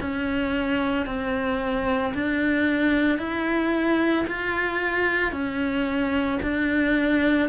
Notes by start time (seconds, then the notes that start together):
0.00 C#4
1.06 C4
2.14 D4
3.19 E4
4.27 F4
5.32 C#4
6.42 D4